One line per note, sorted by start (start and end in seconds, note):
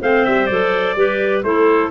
0.00 0.26 A3
0.00 0.49 C4
0.00 0.95 C5
0.00 0.25 F5
0.25 0.50 G3
0.25 0.46 E5
0.46 0.95 F#3
0.46 0.97 A4
0.46 1.41 D5
0.95 1.43 G3
0.95 1.44 G4
0.95 1.45 B4
1.43 1.90 A3
1.43 1.90 E4
1.43 1.90 A4
1.43 1.90 C5